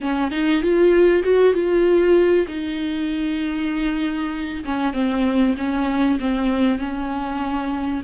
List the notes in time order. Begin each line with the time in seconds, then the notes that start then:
0.00 C#4
0.31 D#4
0.62 F4
1.23 F#4
1.53 F4
2.47 D#4
4.64 C#4
4.93 C4
5.57 C#4
6.19 C4
6.78 C#4